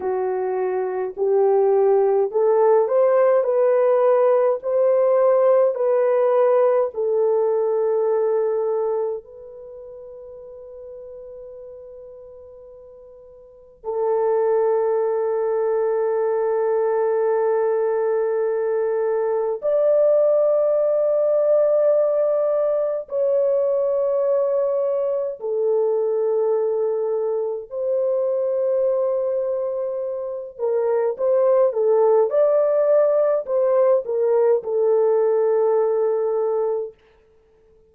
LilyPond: \new Staff \with { instrumentName = "horn" } { \time 4/4 \tempo 4 = 52 fis'4 g'4 a'8 c''8 b'4 | c''4 b'4 a'2 | b'1 | a'1~ |
a'4 d''2. | cis''2 a'2 | c''2~ c''8 ais'8 c''8 a'8 | d''4 c''8 ais'8 a'2 | }